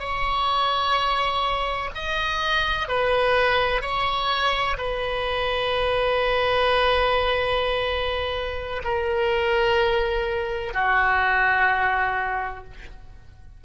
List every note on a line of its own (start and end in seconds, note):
0.00 1.90 C#5
1.95 2.88 D#5
2.88 3.82 B4
3.82 4.77 C#5
4.78 8.83 B4
8.84 10.74 A#4
10.74 12.65 F#4